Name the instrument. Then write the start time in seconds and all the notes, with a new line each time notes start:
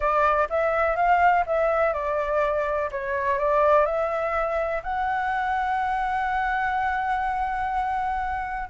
flute
0.00 D5
0.49 E5
0.96 F5
1.46 E5
1.93 D5
2.91 C#5
3.38 D5
3.85 E5
4.83 F#5